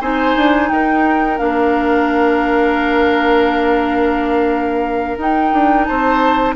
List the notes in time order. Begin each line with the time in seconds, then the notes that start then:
0.00 C4 D#4 C5 G#5
0.35 D4
0.69 D#4 A#4 G5
1.37 A#3 D4 F5
5.17 D#4 G5
5.52 D4
5.84 C4 C5 A5